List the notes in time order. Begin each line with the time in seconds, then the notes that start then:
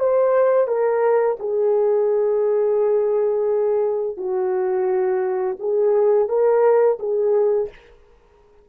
0.00 C5
0.68 A#4
1.40 G#4
4.18 F#4
5.60 G#4
6.29 A#4
7.00 G#4